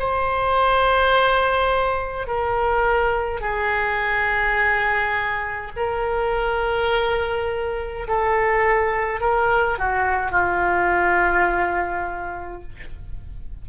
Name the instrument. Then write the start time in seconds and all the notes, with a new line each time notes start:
oboe
0.00 C5
2.28 A#4
3.41 G#4
5.77 A#4
8.08 A4
9.21 A#4
9.79 F#4
10.32 F4